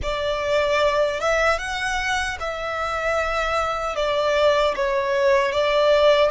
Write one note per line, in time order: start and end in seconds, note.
0.02 1.20 D5
1.20 1.58 E5
1.58 2.37 F#5
2.39 3.95 E5
3.95 4.74 D5
4.75 5.52 C#5
5.52 6.31 D5